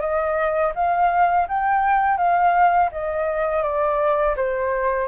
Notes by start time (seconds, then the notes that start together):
0.00 D#5
0.75 F5
1.48 G5
2.17 F5
2.91 D#5
3.62 D5
4.36 C5